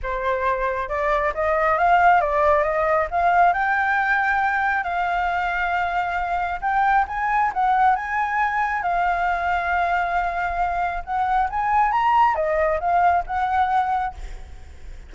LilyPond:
\new Staff \with { instrumentName = "flute" } { \time 4/4 \tempo 4 = 136 c''2 d''4 dis''4 | f''4 d''4 dis''4 f''4 | g''2. f''4~ | f''2. g''4 |
gis''4 fis''4 gis''2 | f''1~ | f''4 fis''4 gis''4 ais''4 | dis''4 f''4 fis''2 | }